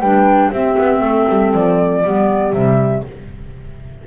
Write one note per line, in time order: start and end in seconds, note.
0.00 0.50 G3
0.00 0.53 D4
0.00 0.51 B4
0.00 0.51 G5
0.51 0.76 C4
0.51 2.04 C4
0.51 1.01 G4
0.51 1.54 E5
0.78 1.01 B3
1.01 1.26 A3
1.01 2.02 A4
1.29 1.54 G3
1.54 2.04 F3
1.54 2.54 D5
2.04 2.53 G3
2.04 2.53 B3
2.04 3.07 G4
2.53 3.03 C3
2.53 3.03 G3
2.53 3.04 E5